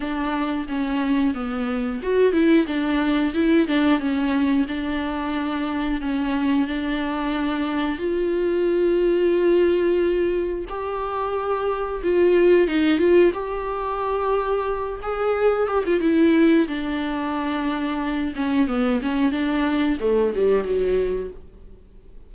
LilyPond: \new Staff \with { instrumentName = "viola" } { \time 4/4 \tempo 4 = 90 d'4 cis'4 b4 fis'8 e'8 | d'4 e'8 d'8 cis'4 d'4~ | d'4 cis'4 d'2 | f'1 |
g'2 f'4 dis'8 f'8 | g'2~ g'8 gis'4 g'16 f'16 | e'4 d'2~ d'8 cis'8 | b8 cis'8 d'4 a8 g8 fis4 | }